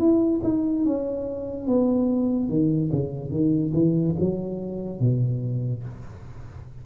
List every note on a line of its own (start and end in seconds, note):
0.00 0.42 E4
0.44 0.86 D#4
0.86 1.68 C#4
1.68 2.49 B3
2.49 2.91 D#3
2.92 3.31 C#3
3.31 3.73 D#3
3.74 4.16 E3
4.20 5.01 F#3
5.01 5.84 B2